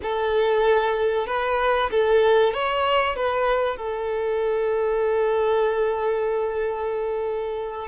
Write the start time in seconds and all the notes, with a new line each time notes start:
0.02 A4
1.27 B4
1.90 A4
2.53 C#5
3.16 B4
3.77 A4